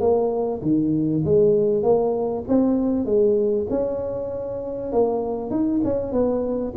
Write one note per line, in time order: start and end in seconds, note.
0.00 0.61 A#3
0.62 1.23 D#3
1.24 1.83 G#3
1.83 2.44 A#3
2.48 3.05 C4
3.05 3.67 G#3
3.70 4.92 C#4
4.92 5.50 A#3
5.50 5.81 D#4
5.84 6.12 C#4
6.12 6.73 B3